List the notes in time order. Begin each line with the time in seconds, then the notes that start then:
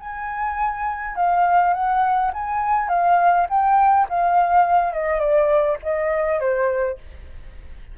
0.00 G#5
1.16 F5
1.73 F#5
2.34 G#5
2.89 F5
3.50 G5
4.09 F5
4.93 D#5
5.20 D5
5.83 D#5
6.40 C5